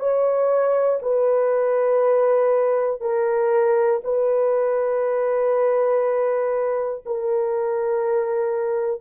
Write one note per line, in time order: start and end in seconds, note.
0.00 1.00 C#5
1.02 3.01 B4
3.01 4.01 A#4
4.05 7.05 B4
7.06 9.01 A#4